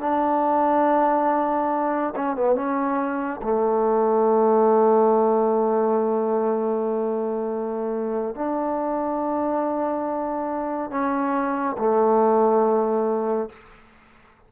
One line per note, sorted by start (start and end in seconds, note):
0.00 2.14 D4
2.15 2.36 C#4
2.36 2.55 B3
2.55 3.41 C#4
3.42 8.35 A3
8.35 10.91 D4
10.91 11.76 C#4
11.78 13.49 A3